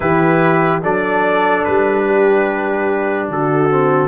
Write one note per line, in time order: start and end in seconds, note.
0.00 0.83 E3
0.00 0.82 E4
0.00 0.82 G4
0.00 0.82 B4
0.82 1.65 F#3
0.82 3.69 D4
0.82 2.05 A4
0.82 1.64 D5
1.64 3.29 G3
1.64 3.28 B4
2.05 3.29 G4
3.29 4.07 D3
3.29 4.07 F#4
3.29 4.07 A4
3.70 4.07 C4